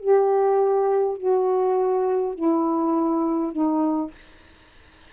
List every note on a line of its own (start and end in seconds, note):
0.00 1.18 G4
1.18 2.35 F#4
2.35 3.52 E4
3.52 4.11 D#4